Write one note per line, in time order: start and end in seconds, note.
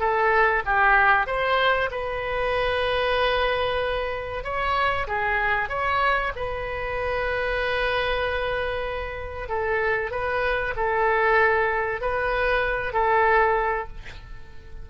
0.00 0.63 A4
0.66 1.27 G4
1.27 1.90 C5
1.91 4.44 B4
4.44 5.07 C#5
5.08 5.69 G#4
5.69 6.32 C#5
6.36 9.49 B4
9.49 10.11 A4
10.11 10.75 B4
10.76 12.01 A4
12.01 12.93 B4
12.93 13.88 A4